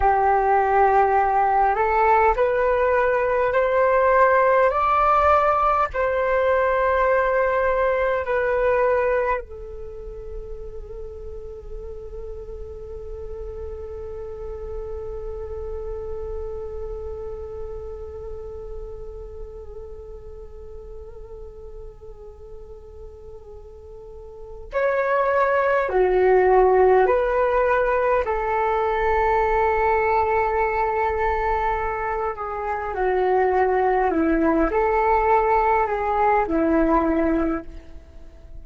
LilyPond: \new Staff \with { instrumentName = "flute" } { \time 4/4 \tempo 4 = 51 g'4. a'8 b'4 c''4 | d''4 c''2 b'4 | a'1~ | a'1~ |
a'1~ | a'4 cis''4 fis'4 b'4 | a'2.~ a'8 gis'8 | fis'4 e'8 a'4 gis'8 e'4 | }